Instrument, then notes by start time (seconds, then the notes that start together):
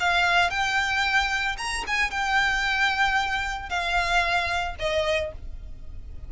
violin
0.00 F5
0.51 G5
1.58 A#5
1.87 G#5
2.11 G5
3.70 F5
4.79 D#5